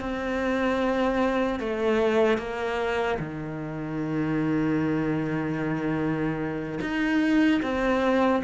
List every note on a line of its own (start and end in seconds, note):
0.00 1.59 C4
1.59 2.37 A3
2.37 3.17 A#3
3.19 6.79 D#3
6.81 7.61 D#4
7.62 8.42 C4